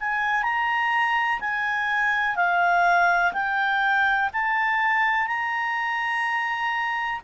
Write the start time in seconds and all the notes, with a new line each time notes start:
0.00 G#5
0.43 A#5
1.40 G#5
2.36 F5
3.33 G5
4.33 A5
5.27 A#5